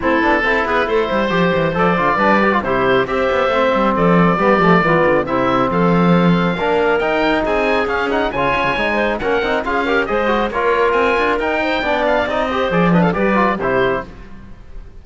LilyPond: <<
  \new Staff \with { instrumentName = "oboe" } { \time 4/4 \tempo 4 = 137 a'4. b'8 c''2 | d''2 c''4 e''4~ | e''4 d''2. | e''4 f''2. |
g''4 gis''4 f''8 fis''8 gis''4~ | gis''4 fis''4 f''4 dis''4 | cis''4 gis''4 g''4. f''8 | dis''4 d''8 dis''16 f''16 d''4 c''4 | }
  \new Staff \with { instrumentName = "clarinet" } { \time 4/4 e'4 a'8 gis'8 a'8 c''4.~ | c''4 b'4 g'4 c''4~ | c''4 a'4 g'4 f'4 | e'4 a'2 ais'4~ |
ais'4 gis'2 cis''4~ | cis''8 c''8 ais'4 gis'8 ais'8 c''4 | ais'2~ ais'8 c''8 d''4~ | d''8 c''4 b'16 a'16 b'4 g'4 | }
  \new Staff \with { instrumentName = "trombone" } { \time 4/4 c'8 d'8 e'2 g'4 | a'8 f'8 d'8 g'16 f'16 e'4 g'4 | c'2 b8 a8 b4 | c'2. d'4 |
dis'2 cis'8 dis'8 f'4 | dis'4 cis'8 dis'8 f'8 g'8 gis'8 fis'8 | f'2 dis'4 d'4 | dis'8 g'8 gis'8 d'8 g'8 f'8 e'4 | }
  \new Staff \with { instrumentName = "cello" } { \time 4/4 a8 b8 c'8 b8 a8 g8 f8 e8 | f8 d8 g4 c4 c'8 b8 | a8 g8 f4 g8 f8 e8 d8 | c4 f2 ais4 |
dis'4 c'4 cis'4 cis8 cis'16 cis16 | gis4 ais8 c'8 cis'4 gis4 | ais4 c'8 d'8 dis'4 b4 | c'4 f4 g4 c4 | }
>>